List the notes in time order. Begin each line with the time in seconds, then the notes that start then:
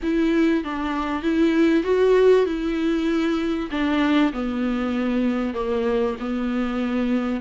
0.02 E4
0.64 D4
1.22 E4
1.83 F#4
2.45 E4
3.70 D4
4.32 B3
5.54 A#3
6.19 B3